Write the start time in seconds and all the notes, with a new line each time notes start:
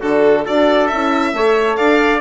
0.00 D3 D4 F#4 A4
0.45 D4 F#4 A4 D5
0.87 C#4 E4 E5
1.33 A3 A4 C#5
1.76 D4 D5 F5